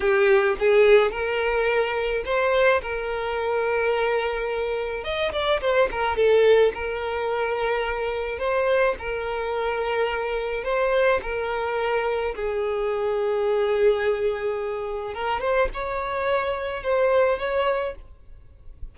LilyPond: \new Staff \with { instrumentName = "violin" } { \time 4/4 \tempo 4 = 107 g'4 gis'4 ais'2 | c''4 ais'2.~ | ais'4 dis''8 d''8 c''8 ais'8 a'4 | ais'2. c''4 |
ais'2. c''4 | ais'2 gis'2~ | gis'2. ais'8 c''8 | cis''2 c''4 cis''4 | }